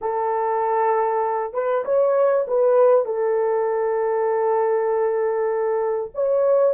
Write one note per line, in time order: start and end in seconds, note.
0.01 1.53 A4
1.53 1.84 B4
1.85 2.46 C#5
2.47 3.05 B4
3.05 6.11 A4
6.14 6.74 C#5